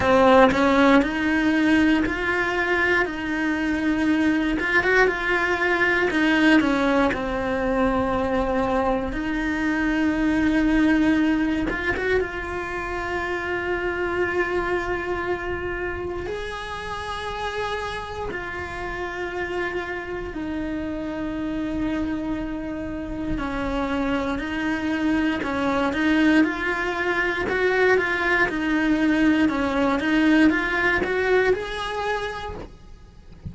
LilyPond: \new Staff \with { instrumentName = "cello" } { \time 4/4 \tempo 4 = 59 c'8 cis'8 dis'4 f'4 dis'4~ | dis'8 f'16 fis'16 f'4 dis'8 cis'8 c'4~ | c'4 dis'2~ dis'8 f'16 fis'16 | f'1 |
gis'2 f'2 | dis'2. cis'4 | dis'4 cis'8 dis'8 f'4 fis'8 f'8 | dis'4 cis'8 dis'8 f'8 fis'8 gis'4 | }